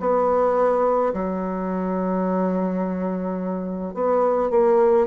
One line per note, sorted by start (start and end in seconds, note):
0.00 1.13 B3
1.14 3.95 F#3
3.95 4.51 B3
4.51 5.07 A#3